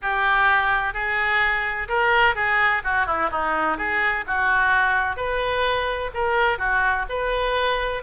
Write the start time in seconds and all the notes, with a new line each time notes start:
0.02 G4
0.93 G#4
1.88 A#4
2.35 G#4
2.83 F#4
3.06 E4
3.31 D#4
3.77 G#4
4.26 F#4
5.16 B4
6.14 A#4
6.58 F#4
7.09 B4